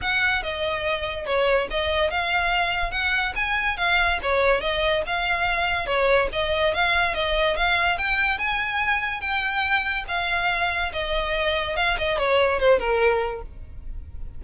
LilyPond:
\new Staff \with { instrumentName = "violin" } { \time 4/4 \tempo 4 = 143 fis''4 dis''2 cis''4 | dis''4 f''2 fis''4 | gis''4 f''4 cis''4 dis''4 | f''2 cis''4 dis''4 |
f''4 dis''4 f''4 g''4 | gis''2 g''2 | f''2 dis''2 | f''8 dis''8 cis''4 c''8 ais'4. | }